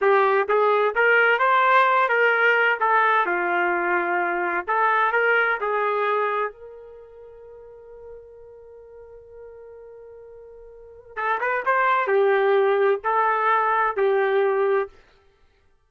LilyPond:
\new Staff \with { instrumentName = "trumpet" } { \time 4/4 \tempo 4 = 129 g'4 gis'4 ais'4 c''4~ | c''8 ais'4. a'4 f'4~ | f'2 a'4 ais'4 | gis'2 ais'2~ |
ais'1~ | ais'1 | a'8 b'8 c''4 g'2 | a'2 g'2 | }